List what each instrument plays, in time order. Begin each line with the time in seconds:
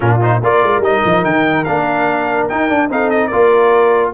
0.00 tuba A#2, trombone D4, horn F4, trumpet A#4
0.21 trombone D#4, trumpet C5
0.42 tuba A#3, trombone F4, horn A#4, trumpet D5
0.62 tuba G#3
0.79 tuba G3, trombone D#4, trumpet D#5
1.04 tuba F3
1.24 tuba D#3, trumpet G5
1.64 tuba A#3, trombone D4, trumpet F5
2.48 trombone D#4, tuba D#4, trumpet G5
2.69 trombone D4, tuba D4
2.89 tuba C4, trombone D#4, horn A4, trumpet F5
3.10 trumpet D#5
3.27 tuba A#3, trombone F4, horn A#4, trumpet D5